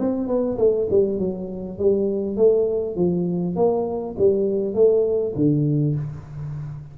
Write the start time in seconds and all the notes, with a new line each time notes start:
0.00 C4
0.28 B3
0.58 A3
0.91 G3
1.19 F#3
1.79 G3
2.37 A3
2.96 F3
3.56 A#3
4.19 G3
4.75 A3
5.36 D3